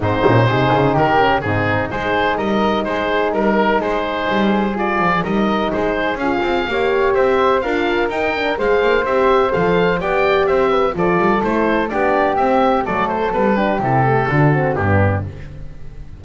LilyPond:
<<
  \new Staff \with { instrumentName = "oboe" } { \time 4/4 \tempo 4 = 126 c''2 ais'4 gis'4 | c''4 dis''4 c''4 ais'4 | c''2 d''4 dis''4 | c''4 f''2 e''4 |
f''4 g''4 f''4 e''4 | f''4 g''4 e''4 d''4 | c''4 d''4 e''4 d''8 c''8 | b'4 a'2 g'4 | }
  \new Staff \with { instrumentName = "flute" } { \time 4/4 dis'4 gis'4 g'4 dis'4 | gis'4 ais'4 gis'4 ais'4 | gis'2. ais'4 | gis'2 cis''4 c''4 |
ais'2 c''2~ | c''4 d''4 c''8 b'8 a'4~ | a'4 g'2 a'4~ | a'8 g'4. fis'4 d'4 | }
  \new Staff \with { instrumentName = "horn" } { \time 4/4 c'8 cis'8 dis'4. cis'8 c'4 | dis'1~ | dis'2 f'4 dis'4~ | dis'4 f'4 g'2 |
f'4 dis'8 d'8 gis'4 g'4 | a'4 g'2 f'4 | e'4 d'4 c'4 a4 | b8 d'8 e'8 a8 d'8 c'8 b4 | }
  \new Staff \with { instrumentName = "double bass" } { \time 4/4 gis,8 ais,8 c8 cis8 dis4 gis,4 | gis4 g4 gis4 g4 | gis4 g4. f8 g4 | gis4 cis'8 c'8 ais4 c'4 |
d'4 dis'4 gis8 ais8 c'4 | f4 b4 c'4 f8 g8 | a4 b4 c'4 fis4 | g4 c4 d4 g,4 | }
>>